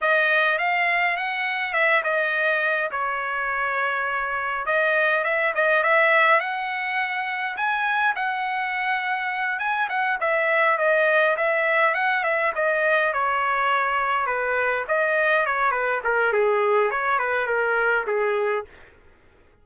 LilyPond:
\new Staff \with { instrumentName = "trumpet" } { \time 4/4 \tempo 4 = 103 dis''4 f''4 fis''4 e''8 dis''8~ | dis''4 cis''2. | dis''4 e''8 dis''8 e''4 fis''4~ | fis''4 gis''4 fis''2~ |
fis''8 gis''8 fis''8 e''4 dis''4 e''8~ | e''8 fis''8 e''8 dis''4 cis''4.~ | cis''8 b'4 dis''4 cis''8 b'8 ais'8 | gis'4 cis''8 b'8 ais'4 gis'4 | }